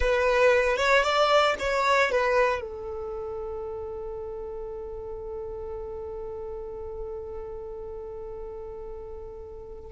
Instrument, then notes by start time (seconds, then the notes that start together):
violin
0.00 B4
0.77 C#5
1.03 D5
1.59 C#5
2.11 B4
2.61 A4